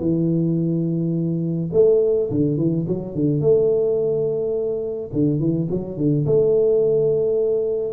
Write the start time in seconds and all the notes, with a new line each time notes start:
0.00 E3
1.73 A3
2.31 D3
2.57 E3
2.88 F#3
3.15 D3
3.41 A3
5.13 D3
5.39 E3
5.70 F#3
5.97 D3
6.26 A3